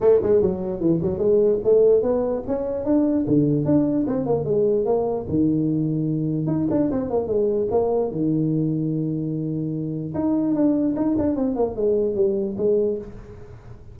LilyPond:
\new Staff \with { instrumentName = "tuba" } { \time 4/4 \tempo 4 = 148 a8 gis8 fis4 e8 fis8 gis4 | a4 b4 cis'4 d'4 | d4 d'4 c'8 ais8 gis4 | ais4 dis2. |
dis'8 d'8 c'8 ais8 gis4 ais4 | dis1~ | dis4 dis'4 d'4 dis'8 d'8 | c'8 ais8 gis4 g4 gis4 | }